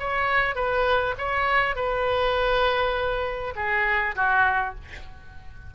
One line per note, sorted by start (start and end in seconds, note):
0.00 0.56 C#5
0.56 1.15 B4
1.18 1.76 C#5
1.76 3.54 B4
3.56 4.15 G#4
4.16 4.75 F#4